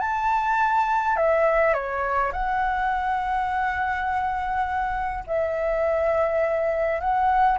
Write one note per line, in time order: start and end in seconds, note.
0.00 1.17 A5
1.17 1.74 E5
1.74 2.32 C#5
2.33 5.24 F#5
5.27 7.01 E5
7.01 7.59 F#5